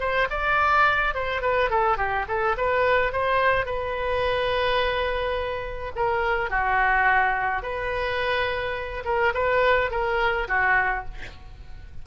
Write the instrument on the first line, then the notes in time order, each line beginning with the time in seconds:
oboe
0.00 C5
0.30 D5
1.14 C5
1.42 B4
1.70 A4
1.97 G4
2.28 A4
2.57 B4
3.13 C5
3.66 B4
5.96 A#4
6.50 F#4
7.62 B4
9.05 A#4
9.34 B4
9.91 A#4
10.48 F#4